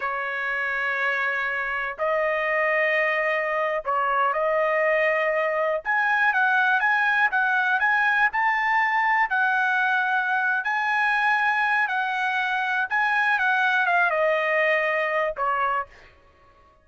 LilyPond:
\new Staff \with { instrumentName = "trumpet" } { \time 4/4 \tempo 4 = 121 cis''1 | dis''2.~ dis''8. cis''16~ | cis''8. dis''2. gis''16~ | gis''8. fis''4 gis''4 fis''4 gis''16~ |
gis''8. a''2 fis''4~ fis''16~ | fis''4. gis''2~ gis''8 | fis''2 gis''4 fis''4 | f''8 dis''2~ dis''8 cis''4 | }